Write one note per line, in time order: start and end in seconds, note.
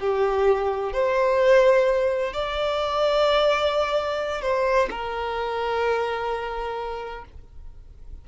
0.00 0.93 G4
0.93 2.33 C5
2.33 4.42 D5
4.42 4.89 C5
4.91 7.25 A#4